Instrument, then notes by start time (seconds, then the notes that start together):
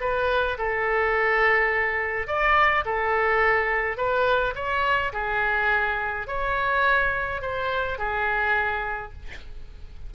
oboe
0.00 B4
0.58 A4
2.27 D5
2.85 A4
3.97 B4
4.55 C#5
5.12 G#4
6.27 C#5
7.41 C5
7.98 G#4